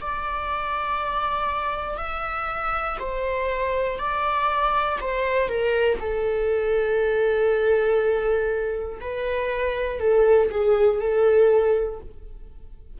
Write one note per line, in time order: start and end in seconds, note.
0.00 1.97 D5
1.97 2.97 E5
2.99 3.99 C5
3.99 4.99 D5
5.00 5.49 C5
5.49 5.99 A#4
5.99 8.99 A4
9.00 10.00 B4
10.00 10.50 A4
10.51 11.00 G#4
11.00 12.00 A4